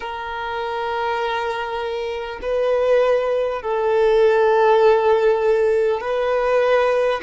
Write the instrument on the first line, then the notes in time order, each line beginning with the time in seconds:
violin
0.00 A#4
2.42 B4
3.62 A4
6.00 B4